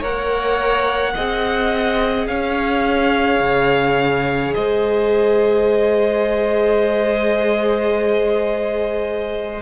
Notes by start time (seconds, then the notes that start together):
0.00 A#3 A#4 C#5 F#5
1.15 C4 G#4 D#5
2.27 C#4 C#5 F5
3.40 C#3
4.54 G#3 C5 D#5